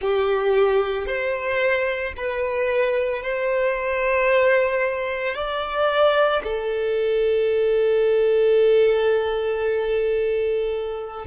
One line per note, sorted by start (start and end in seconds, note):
0.00 1.06 G4
1.06 2.13 C5
2.17 3.22 B4
3.22 5.35 C5
5.35 6.42 D5
6.43 11.25 A4